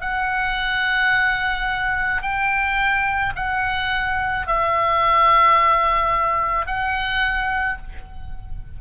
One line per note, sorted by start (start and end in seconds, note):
0.00 2.22 F#5
2.22 3.33 G5
3.35 4.46 F#5
4.46 6.66 E5
6.66 7.77 F#5